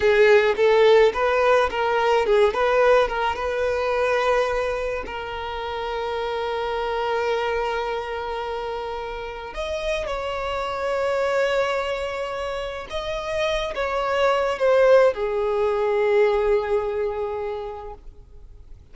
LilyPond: \new Staff \with { instrumentName = "violin" } { \time 4/4 \tempo 4 = 107 gis'4 a'4 b'4 ais'4 | gis'8 b'4 ais'8 b'2~ | b'4 ais'2.~ | ais'1~ |
ais'4 dis''4 cis''2~ | cis''2. dis''4~ | dis''8 cis''4. c''4 gis'4~ | gis'1 | }